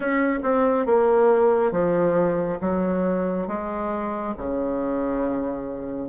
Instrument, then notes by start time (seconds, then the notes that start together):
bassoon
0.00 C#4
0.42 C4
0.86 A#3
1.72 F3
2.60 F#3
3.47 G#3
4.37 C#3